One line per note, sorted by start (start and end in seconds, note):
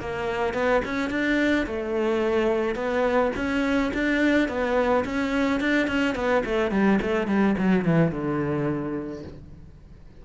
0.00 0.54 A#3
0.54 0.82 B3
0.85 1.10 C#4
1.10 1.66 D4
1.66 2.75 A3
2.75 3.31 B3
3.36 3.92 C#4
3.94 4.48 D4
4.48 5.04 B3
5.05 5.60 C#4
5.60 5.88 D4
5.88 6.15 C#4
6.15 6.43 B3
6.45 6.71 A3
6.71 6.99 G3
7.02 7.27 A3
7.27 7.55 G3
7.58 7.85 F#3
7.85 8.11 E3
8.11 9.23 D3